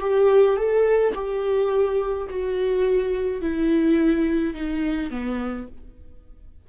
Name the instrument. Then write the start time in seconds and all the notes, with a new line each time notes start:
viola
0.00 G4
0.57 A4
1.14 G4
2.30 F#4
3.41 E4
4.54 D#4
5.10 B3